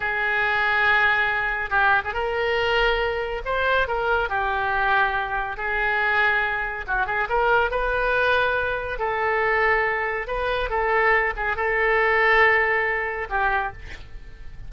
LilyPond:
\new Staff \with { instrumentName = "oboe" } { \time 4/4 \tempo 4 = 140 gis'1 | g'8. gis'16 ais'2. | c''4 ais'4 g'2~ | g'4 gis'2. |
fis'8 gis'8 ais'4 b'2~ | b'4 a'2. | b'4 a'4. gis'8 a'4~ | a'2. g'4 | }